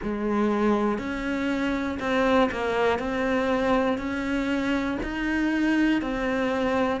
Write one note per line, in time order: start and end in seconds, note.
0.03 0.98 G#3
0.98 1.98 C#4
1.99 2.49 C4
2.51 2.99 A#3
2.99 3.98 C4
3.98 4.97 C#4
5.03 6.01 D#4
6.01 7.00 C4